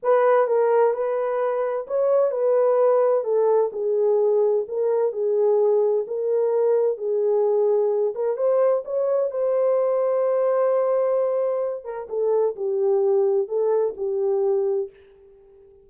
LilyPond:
\new Staff \with { instrumentName = "horn" } { \time 4/4 \tempo 4 = 129 b'4 ais'4 b'2 | cis''4 b'2 a'4 | gis'2 ais'4 gis'4~ | gis'4 ais'2 gis'4~ |
gis'4. ais'8 c''4 cis''4 | c''1~ | c''4. ais'8 a'4 g'4~ | g'4 a'4 g'2 | }